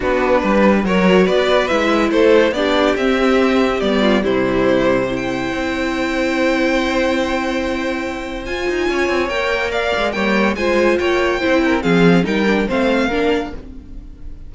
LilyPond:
<<
  \new Staff \with { instrumentName = "violin" } { \time 4/4 \tempo 4 = 142 b'2 cis''4 d''4 | e''4 c''4 d''4 e''4~ | e''4 d''4 c''2~ | c''16 g''2.~ g''8.~ |
g''1 | gis''2 g''4 f''4 | g''4 gis''4 g''2 | f''4 g''4 f''2 | }
  \new Staff \with { instrumentName = "violin" } { \time 4/4 fis'4 b'4 ais'4 b'4~ | b'4 a'4 g'2~ | g'4. f'8 e'2 | c''1~ |
c''1~ | c''4 cis''2 d''4 | cis''4 c''4 cis''4 c''8 ais'8 | gis'4 ais'4 c''4 ais'4 | }
  \new Staff \with { instrumentName = "viola" } { \time 4/4 d'2 fis'2 | e'2 d'4 c'4~ | c'4 b4 g2 | e'1~ |
e'1 | f'2 ais'2 | ais4 f'2 e'4 | c'4 dis'8 d'8 c'4 d'4 | }
  \new Staff \with { instrumentName = "cello" } { \time 4/4 b4 g4 fis4 b4 | gis4 a4 b4 c'4~ | c'4 g4 c2~ | c4 c'2.~ |
c'1 | f'8 dis'8 cis'8 c'8 ais4. gis8 | g4 gis4 ais4 c'4 | f4 g4 a4 ais4 | }
>>